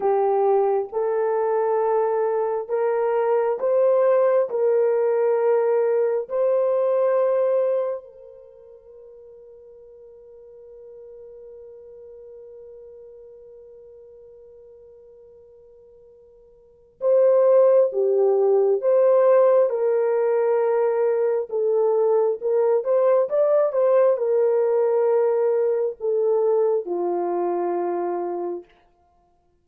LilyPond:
\new Staff \with { instrumentName = "horn" } { \time 4/4 \tempo 4 = 67 g'4 a'2 ais'4 | c''4 ais'2 c''4~ | c''4 ais'2.~ | ais'1~ |
ais'2. c''4 | g'4 c''4 ais'2 | a'4 ais'8 c''8 d''8 c''8 ais'4~ | ais'4 a'4 f'2 | }